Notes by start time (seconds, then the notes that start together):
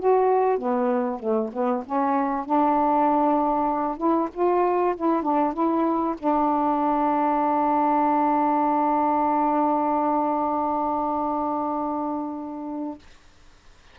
0.00 F#4
0.58 B3
1.20 A3
1.53 B3
1.86 C#4
2.46 D4
3.98 E4
4.34 F4
4.97 E4
5.23 D4
5.54 E4
6.19 D4